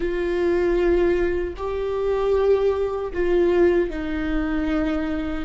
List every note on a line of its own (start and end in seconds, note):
0.00 1.54 F4
1.56 3.12 G4
3.13 3.90 F4
3.90 5.45 D#4